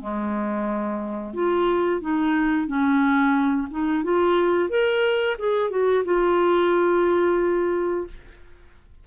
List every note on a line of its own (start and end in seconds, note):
0.00 1.34 G#3
1.34 2.01 F4
2.01 2.67 D#4
2.67 3.68 C#4
3.70 4.04 D#4
4.04 4.69 F4
4.69 5.37 A#4
5.39 5.70 G#4
5.70 6.04 F#4
6.04 8.07 F4